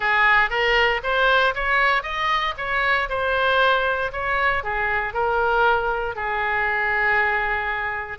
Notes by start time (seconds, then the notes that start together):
0.00 G#4
0.49 A#4
1.03 C5
1.54 C#5
2.02 D#5
2.57 C#5
3.09 C5
4.12 C#5
4.63 G#4
5.13 A#4
6.15 G#4